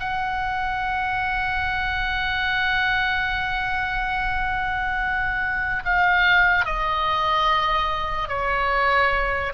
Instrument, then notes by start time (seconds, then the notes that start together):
oboe
0.00 F#5
5.85 F5
6.65 D#5
8.28 C#5